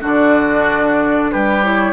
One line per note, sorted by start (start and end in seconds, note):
0.00 1.33 D3
0.00 1.63 D4
0.00 1.31 F#4
0.00 1.32 D5
1.31 1.93 G3
1.31 1.93 G4
1.31 1.64 B4
1.63 1.93 E4
1.63 1.93 C#5